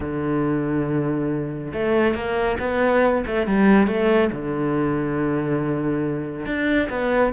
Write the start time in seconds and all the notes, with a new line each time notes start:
0.00 D3
1.73 A3
2.14 A#3
2.59 B3
3.26 A3
3.46 G3
3.87 A3
4.32 D3
6.45 D4
6.89 B3